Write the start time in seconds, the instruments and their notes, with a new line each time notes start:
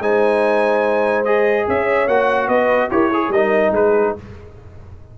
0.00 tuba G#3, trombone D#4, horn C5, trumpet G#5
1.25 trombone G#4, trumpet D#5
1.68 tuba C#4, horn C#5, trumpet E5
2.08 tuba A#3, trombone F#4, trumpet F#5
2.48 tuba B3, horn B4, trumpet D#5
2.91 tuba E4, trombone G4, horn A#4, trumpet C#5
3.10 horn G#4, trombone G#4
3.30 tuba G3, horn A#4, trumpet D#5
3.36 trombone D#4
3.71 tuba G#3, horn G#4, trumpet B4